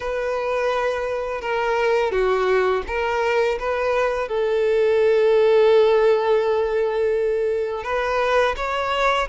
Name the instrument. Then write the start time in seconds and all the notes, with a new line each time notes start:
violin
0.00 B4
1.41 A#4
2.11 F#4
2.87 A#4
3.59 B4
4.28 A4
7.83 B4
8.56 C#5